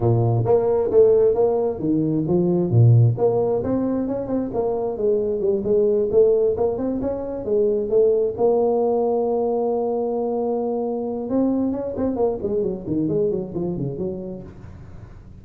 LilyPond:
\new Staff \with { instrumentName = "tuba" } { \time 4/4 \tempo 4 = 133 ais,4 ais4 a4 ais4 | dis4 f4 ais,4 ais4 | c'4 cis'8 c'8 ais4 gis4 | g8 gis4 a4 ais8 c'8 cis'8~ |
cis'8 gis4 a4 ais4.~ | ais1~ | ais4 c'4 cis'8 c'8 ais8 gis8 | fis8 dis8 gis8 fis8 f8 cis8 fis4 | }